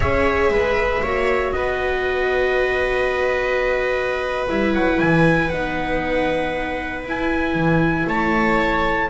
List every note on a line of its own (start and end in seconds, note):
0.00 0.49 C#4
0.00 1.02 G#4
0.00 0.51 C#5
0.00 1.52 E5
0.49 1.00 G#3
0.49 1.02 B4
1.02 1.52 A#3
1.02 4.48 F#4
1.02 1.53 C#5
1.52 4.47 B3
1.52 8.09 B4
1.52 4.47 D#5
4.48 4.74 G3
4.48 5.50 E4
4.48 4.74 E5
4.74 5.00 F#3
4.74 4.99 F#5
4.99 5.52 E3
4.99 5.49 G#5
5.49 7.03 B3
5.49 7.06 D#4
5.49 7.03 F#5
7.03 7.53 E4
7.03 9.09 E4
7.03 8.08 G#5
7.53 8.05 E3
8.07 9.09 A3
8.07 9.09 C#5
8.07 9.09 A5